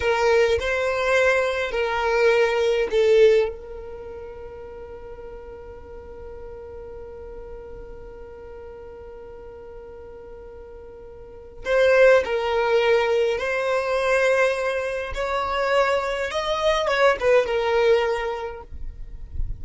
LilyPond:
\new Staff \with { instrumentName = "violin" } { \time 4/4 \tempo 4 = 103 ais'4 c''2 ais'4~ | ais'4 a'4 ais'2~ | ais'1~ | ais'1~ |
ais'1 | c''4 ais'2 c''4~ | c''2 cis''2 | dis''4 cis''8 b'8 ais'2 | }